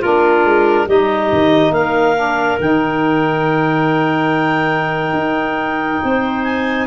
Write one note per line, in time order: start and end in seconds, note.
0.00 0.44 A#3
0.00 0.88 D4
0.00 0.86 F4
0.00 0.88 A#4
0.44 0.87 G#3
0.87 1.31 G3
0.87 2.16 D#4
0.87 1.73 G4
0.87 1.73 D#5
1.32 1.70 D#3
1.70 2.56 A#3
1.70 6.03 A#4
1.70 2.59 F5
2.16 2.58 D4
2.60 5.13 D#3
2.60 6.87 D#4
2.60 6.44 G5
5.13 5.99 D#4
6.03 6.87 C4
6.03 6.87 C5
6.44 6.87 G#5